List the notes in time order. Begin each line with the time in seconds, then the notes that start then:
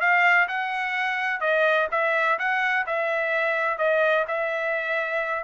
0.00 F5
0.48 F#5
1.40 D#5
1.91 E5
2.38 F#5
2.86 E5
3.78 D#5
4.27 E5